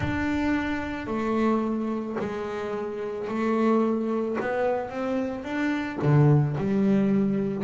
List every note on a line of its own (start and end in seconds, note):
0.00 1.07 D4
1.07 2.16 A3
2.18 3.27 G#3
3.28 4.37 A3
4.40 4.89 B3
4.89 5.43 C4
5.43 5.98 D4
6.01 6.56 D3
6.57 7.64 G3